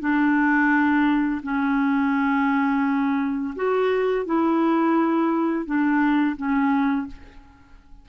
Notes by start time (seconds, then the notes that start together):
0.00 D4
1.42 C#4
3.56 F#4
4.26 E4
5.66 D4
6.37 C#4